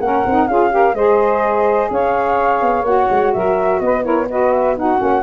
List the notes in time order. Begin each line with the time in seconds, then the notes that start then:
0.00 A#3 C#4 A#4 F#5
0.26 C4 D#4
0.48 C#4 F4 G#4 F5
0.70 G4 A#4
0.94 G#3 G#4 C5 D#5
1.90 C#4 C#5 F5
2.62 B3
2.83 A#3 F#4 F#5
3.10 G#3
3.34 F#3 A#4 E5
3.80 B3 B4 D#5
4.02 E4 A#4 C#5
4.30 F#4 B4 D#5
4.53 E5
4.77 D#4 F#4 F#5
4.99 A#3 C#4